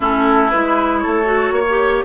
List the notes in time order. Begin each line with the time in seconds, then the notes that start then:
0.00 A3 C#4 E4 A4
0.50 G#3 E4 B4
0.99 A4 C#5
1.06 A3
1.24 F#4
1.51 A#3 C#5
1.69 G4